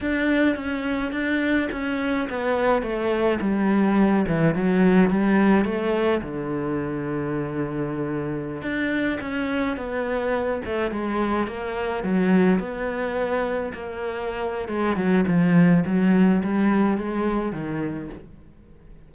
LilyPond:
\new Staff \with { instrumentName = "cello" } { \time 4/4 \tempo 4 = 106 d'4 cis'4 d'4 cis'4 | b4 a4 g4. e8 | fis4 g4 a4 d4~ | d2.~ d16 d'8.~ |
d'16 cis'4 b4. a8 gis8.~ | gis16 ais4 fis4 b4.~ b16~ | b16 ais4.~ ais16 gis8 fis8 f4 | fis4 g4 gis4 dis4 | }